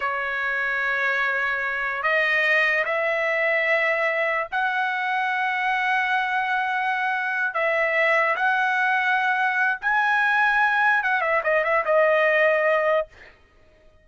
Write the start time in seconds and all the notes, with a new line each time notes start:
0.00 C#5
2.02 D#5
2.84 E5
4.51 F#5
7.53 E5
8.36 F#5
9.81 G#5
11.03 F#5
11.21 E5
11.43 D#5
11.63 E5
11.85 D#5